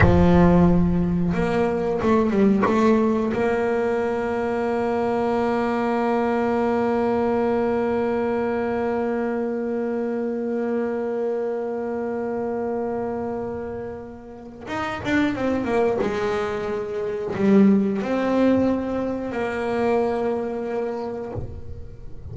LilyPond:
\new Staff \with { instrumentName = "double bass" } { \time 4/4 \tempo 4 = 90 f2 ais4 a8 g8 | a4 ais2.~ | ais1~ | ais1~ |
ais1~ | ais2 dis'8 d'8 c'8 ais8 | gis2 g4 c'4~ | c'4 ais2. | }